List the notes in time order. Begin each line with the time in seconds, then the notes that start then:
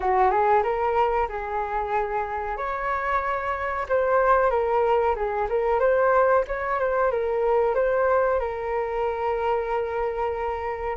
0.00 F#4
0.30 G#4
0.63 A#4
1.28 G#4
2.57 C#5
3.89 C5
4.50 A#4
5.15 G#4
5.49 A#4
5.79 C5
6.47 C#5
6.79 C5
7.11 A#4
7.74 C5
8.39 A#4